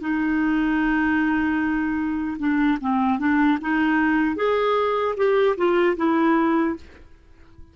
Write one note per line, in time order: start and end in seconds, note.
0.00 2.37 D#4
2.39 2.78 D4
2.81 3.19 C4
3.19 3.58 D4
3.61 4.36 D#4
4.36 5.15 G#4
5.17 5.56 G4
5.57 5.96 F4
5.97 6.76 E4